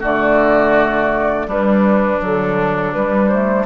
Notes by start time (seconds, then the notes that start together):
0.00 D3 A3 F#4 D5
1.47 G3 D4 B4
2.21 D3 F#3 A4
2.93 G3 B4
3.00 G3
3.29 A3 C5